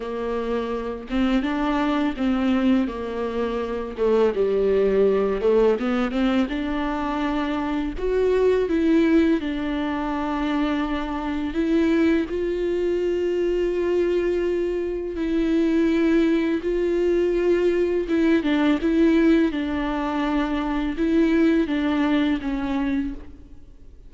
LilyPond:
\new Staff \with { instrumentName = "viola" } { \time 4/4 \tempo 4 = 83 ais4. c'8 d'4 c'4 | ais4. a8 g4. a8 | b8 c'8 d'2 fis'4 | e'4 d'2. |
e'4 f'2.~ | f'4 e'2 f'4~ | f'4 e'8 d'8 e'4 d'4~ | d'4 e'4 d'4 cis'4 | }